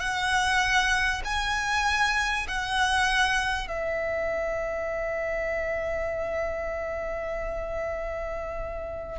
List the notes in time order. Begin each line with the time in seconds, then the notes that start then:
0.00 F#5
1.25 G#5
2.48 F#5
3.68 E5